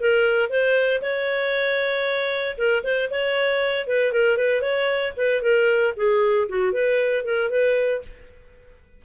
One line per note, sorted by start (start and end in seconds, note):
0.00 0.49 A#4
0.49 1.01 C5
1.01 2.57 C#5
2.57 2.83 A#4
2.84 3.09 C5
3.10 3.87 C#5
3.87 4.12 B4
4.12 4.37 A#4
4.37 4.61 B4
4.61 5.13 C#5
5.17 5.42 B4
5.42 5.94 A#4
5.96 6.48 G#4
6.49 6.72 F#4
6.72 7.24 B4
7.24 7.50 A#4
7.50 8.02 B4